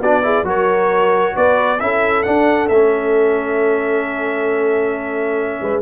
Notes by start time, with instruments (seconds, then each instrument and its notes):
0.00 tuba B3, trombone D4, horn F#4, trumpet D5
0.23 trombone E4, horn G#4
0.42 tuba F#3, trombone F#4, horn A#4
0.49 trumpet C#5
1.35 tuba B3, horn B4, trumpet D5
1.80 tuba C#4, trombone E4, horn A4, trumpet E5
2.22 trombone D4, tuba D4, trumpet F#5
2.68 tuba A3, trombone C#4, trumpet E5
5.61 tuba G#3, horn B4